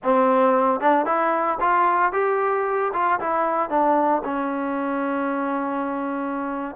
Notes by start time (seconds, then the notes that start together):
0.03 C4
0.80 D4
1.05 E4
1.60 F4
2.12 G4
2.93 F4
3.20 E4
3.69 D4
4.24 C#4